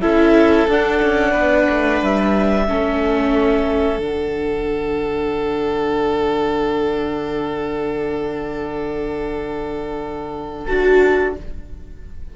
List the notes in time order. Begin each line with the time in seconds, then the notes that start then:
0.00 C#4 E4 A4 E5
0.67 D4 F#5
1.02 C#4
1.31 B3 B4
1.69 A3
2.01 G3 E5
2.67 A3 C#4 A4
3.98 D3 D4 F#5
10.65 D4 F#4 A5